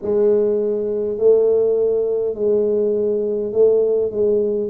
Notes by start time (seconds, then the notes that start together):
0.02 G#3
1.18 A3
2.34 G#3
3.52 A3
4.11 G#3